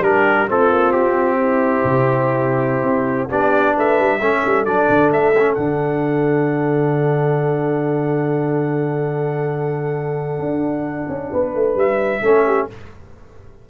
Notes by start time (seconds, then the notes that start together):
0.00 G3 D4 G4 A#4
0.47 A3 C4 F4 A4
0.70 A#3
0.92 C4 G4
1.39 E4
1.84 C3
2.83 C4
3.30 B3 D4 G4 D5
3.75 A3 B4 E5
3.99 G3
4.20 A3 C#4 A4
4.46 G3
4.65 F#3 D4 D5
4.90 D3
5.11 A3 E5
5.39 C#4
5.54 D3 D4 F#5
10.39 D4
11.09 C#4
11.32 B3 B4
11.55 A3
11.75 G3 E5
12.22 A3 C#4 A4
12.46 G4